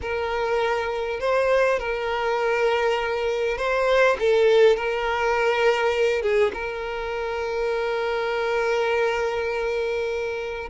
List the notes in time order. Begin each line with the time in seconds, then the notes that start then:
0.01 A#4
1.20 C5
1.79 A#4
3.57 C5
4.19 A4
4.76 A#4
6.21 G#4
6.53 A#4